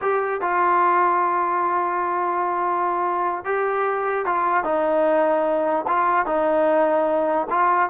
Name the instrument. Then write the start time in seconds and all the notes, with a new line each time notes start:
trombone
0.01 G4
0.41 F4
3.44 G4
4.25 F4
4.64 D#4
5.87 F4
6.26 D#4
7.50 F4